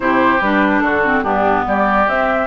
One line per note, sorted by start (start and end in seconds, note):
0.00 0.41 C3
0.00 0.39 E4
0.00 0.83 G4
0.00 0.40 C5
0.40 0.81 G3
0.40 1.04 D4
0.40 0.79 B4
0.79 1.23 D3
0.79 1.23 F#4
0.79 1.21 A4
1.04 1.23 C4
1.23 1.64 G2
1.23 2.06 B3
1.23 1.64 D4
1.23 1.64 G4
1.66 2.07 G3
1.66 2.47 G4
1.66 2.08 D5
2.07 2.47 C4
2.07 2.47 E5